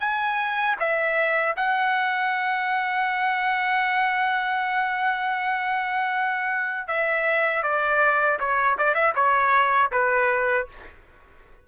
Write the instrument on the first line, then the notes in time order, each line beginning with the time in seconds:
trumpet
0.00 G#5
0.80 E5
1.57 F#5
6.88 E5
7.63 D5
8.40 C#5
8.78 D5
8.95 E5
9.16 C#5
9.92 B4